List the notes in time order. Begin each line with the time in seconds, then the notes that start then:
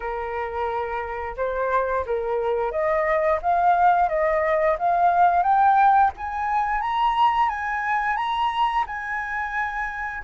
0.00 A#4
1.36 C5
2.05 A#4
2.71 D#5
3.42 F5
4.08 D#5
4.79 F5
5.42 G5
6.17 G#5
6.81 A#5
7.49 G#5
8.16 A#5
8.86 G#5